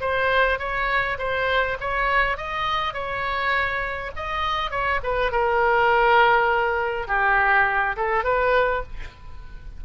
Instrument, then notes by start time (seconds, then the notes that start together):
oboe
0.00 C5
0.59 C#5
1.18 C5
1.80 C#5
2.37 D#5
2.93 C#5
4.16 D#5
4.70 C#5
5.03 B4
5.32 A#4
7.07 G4
7.96 A4
8.24 B4